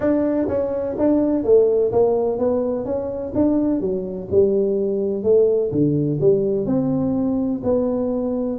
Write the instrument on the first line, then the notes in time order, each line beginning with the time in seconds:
tuba
0.00 D4
0.48 C#4
0.98 D4
1.44 A3
1.92 A#3
2.38 B3
2.85 C#4
3.34 D4
3.80 F#3
4.31 G3
5.23 A3
5.71 D3
6.20 G3
6.66 C4
7.63 B3